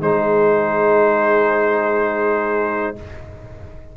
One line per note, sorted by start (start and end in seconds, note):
0.00 2.95 G#3
0.00 2.95 D#4
0.00 2.95 G#4
0.00 2.96 C5